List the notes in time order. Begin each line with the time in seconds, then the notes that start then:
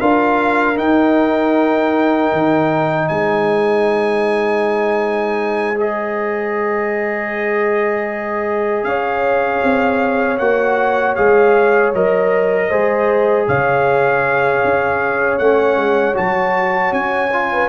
0.00 D4 F4 A#4 F5
0.75 D#4 G5
2.32 D#3
3.08 G#3 C5 G#5
5.76 G#4 D#5
8.84 C#4 C#5 F5
9.63 C4
10.38 A#3 F#4 F#5
11.15 G#3 G#4 F5
11.94 F#3 A#4 D#5
12.69 G#3 G#4 C5
13.47 C#3 C#5 F5
14.64 C#4
15.38 A3 C#4 F#5
15.77 G#3
16.14 F#3 F#4 A5
16.92 C#4 G#5
17.33 F4
17.52 B4